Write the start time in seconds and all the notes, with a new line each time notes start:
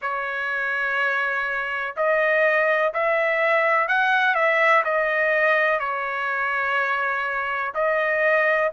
0.01 C#5
1.96 D#5
2.93 E5
3.88 F#5
4.35 E5
4.84 D#5
5.79 C#5
7.74 D#5